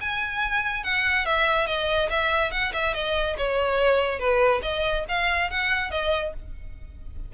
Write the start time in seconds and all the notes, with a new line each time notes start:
0.00 G#5
0.83 F#5
1.25 E5
1.67 D#5
2.10 E5
2.51 F#5
2.73 E5
2.94 D#5
3.38 C#5
4.19 B4
4.62 D#5
5.08 F5
5.50 F#5
5.91 D#5